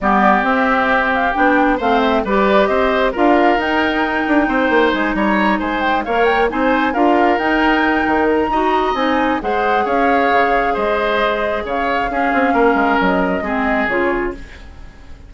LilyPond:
<<
  \new Staff \with { instrumentName = "flute" } { \time 4/4 \tempo 4 = 134 d''4 e''4. f''8 g''4 | f''8 e''8 d''4 dis''4 f''4 | g''2. gis''8 ais''8~ | ais''8 gis''8 g''8 f''8 g''8 gis''4 f''8~ |
f''8 g''2 ais''4. | gis''4 fis''4 f''2 | dis''2 f''2~ | f''4 dis''2 cis''4 | }
  \new Staff \with { instrumentName = "oboe" } { \time 4/4 g'1 | c''4 b'4 c''4 ais'4~ | ais'2 c''4. cis''8~ | cis''8 c''4 cis''4 c''4 ais'8~ |
ais'2. dis''4~ | dis''4 c''4 cis''2 | c''2 cis''4 gis'4 | ais'2 gis'2 | }
  \new Staff \with { instrumentName = "clarinet" } { \time 4/4 b4 c'2 d'4 | c'4 g'2 f'4 | dis'1~ | dis'4. ais'4 dis'4 f'8~ |
f'8 dis'2~ dis'8 fis'4 | dis'4 gis'2.~ | gis'2. cis'4~ | cis'2 c'4 f'4 | }
  \new Staff \with { instrumentName = "bassoon" } { \time 4/4 g4 c'2 b4 | a4 g4 c'4 d'4 | dis'4. d'8 c'8 ais8 gis8 g8~ | g8 gis4 ais4 c'4 d'8~ |
d'8 dis'4. dis4 dis'4 | c'4 gis4 cis'4 cis4 | gis2 cis4 cis'8 c'8 | ais8 gis8 fis4 gis4 cis4 | }
>>